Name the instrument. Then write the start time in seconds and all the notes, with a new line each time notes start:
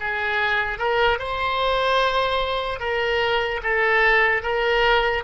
oboe
0.00 G#4
0.78 A#4
1.19 C5
2.79 A#4
3.63 A4
4.43 A#4